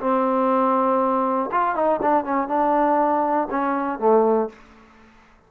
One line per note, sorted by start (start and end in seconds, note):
0.00 1.50 C4
1.52 1.75 F4
1.75 2.00 D#4
2.02 2.24 D4
2.24 2.48 C#4
2.48 3.48 D4
3.50 3.99 C#4
3.99 4.49 A3